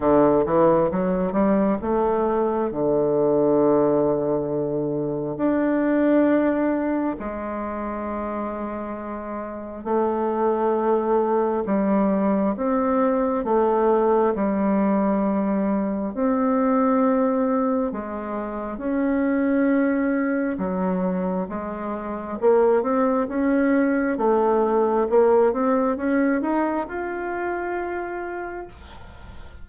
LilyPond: \new Staff \with { instrumentName = "bassoon" } { \time 4/4 \tempo 4 = 67 d8 e8 fis8 g8 a4 d4~ | d2 d'2 | gis2. a4~ | a4 g4 c'4 a4 |
g2 c'2 | gis4 cis'2 fis4 | gis4 ais8 c'8 cis'4 a4 | ais8 c'8 cis'8 dis'8 f'2 | }